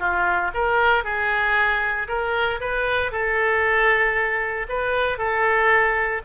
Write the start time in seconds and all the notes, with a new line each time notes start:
0.00 F4
0.55 A#4
1.04 G#4
2.08 A#4
2.61 B4
3.12 A4
4.69 B4
5.18 A4